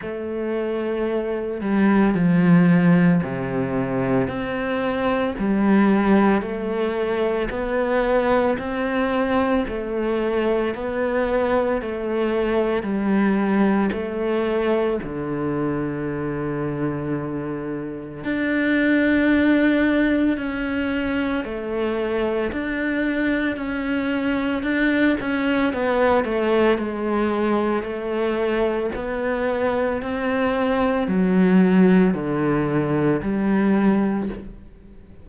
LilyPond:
\new Staff \with { instrumentName = "cello" } { \time 4/4 \tempo 4 = 56 a4. g8 f4 c4 | c'4 g4 a4 b4 | c'4 a4 b4 a4 | g4 a4 d2~ |
d4 d'2 cis'4 | a4 d'4 cis'4 d'8 cis'8 | b8 a8 gis4 a4 b4 | c'4 fis4 d4 g4 | }